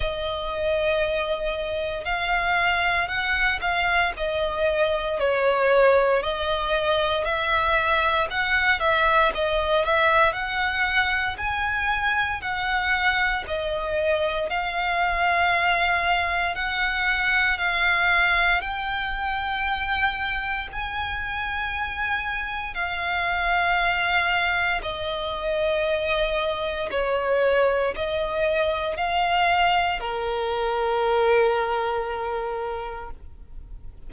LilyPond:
\new Staff \with { instrumentName = "violin" } { \time 4/4 \tempo 4 = 58 dis''2 f''4 fis''8 f''8 | dis''4 cis''4 dis''4 e''4 | fis''8 e''8 dis''8 e''8 fis''4 gis''4 | fis''4 dis''4 f''2 |
fis''4 f''4 g''2 | gis''2 f''2 | dis''2 cis''4 dis''4 | f''4 ais'2. | }